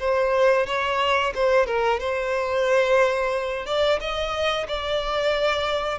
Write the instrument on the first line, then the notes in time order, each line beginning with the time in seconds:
violin
0.00 C5
0.67 C#5
1.35 C5
1.67 A#4
2.00 C5
3.66 D5
4.01 D#5
4.68 D5